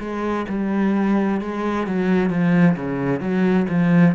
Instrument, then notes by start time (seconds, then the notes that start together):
cello
0.00 G#3
0.49 G3
1.41 G#3
1.87 F#3
2.30 F3
2.76 C#3
3.20 F#3
3.69 F3